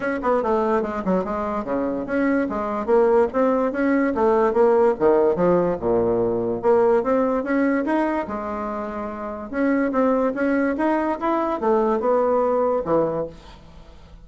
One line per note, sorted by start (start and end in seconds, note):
0.00 0.19 C#4
0.22 0.42 B3
0.42 0.82 A3
0.82 1.02 G#3
1.04 1.24 F#3
1.24 1.64 G#3
1.64 2.06 C#3
2.06 2.47 C#4
2.49 2.86 G#3
2.86 3.27 A#3
3.33 3.72 C4
3.72 4.13 C#4
4.14 4.53 A3
4.53 4.94 A#3
4.99 5.35 D#3
5.35 5.76 F3
5.80 6.62 A#2
6.62 7.03 A#3
7.03 7.43 C4
7.43 7.84 C#4
7.85 8.26 D#4
8.27 9.50 G#3
9.50 9.91 C#4
9.91 10.33 C4
10.34 10.75 C#4
10.77 11.18 D#4
11.19 11.60 E4
11.60 12.00 A3
12.00 12.82 B3
12.84 13.26 E3